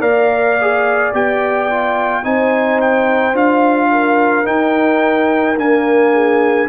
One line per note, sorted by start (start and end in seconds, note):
0.00 1.12 A#3
0.00 0.56 A#4
0.00 2.22 D5
0.00 1.12 F5
0.61 1.13 G#4
1.13 2.24 B3
1.13 1.69 G4
1.13 2.24 G5
1.69 2.23 F4
2.23 3.33 C4
2.23 3.34 D#4
2.23 3.91 C5
2.23 2.80 G#5
2.80 3.36 G5
3.33 4.44 D4
3.33 4.44 F4
3.33 4.46 F5
3.91 6.12 A#4
4.44 5.55 D#4
4.44 5.56 D#4
4.44 5.57 G5
5.56 6.68 A#3
5.56 6.67 D4
5.56 6.68 G#5
6.12 6.68 G#4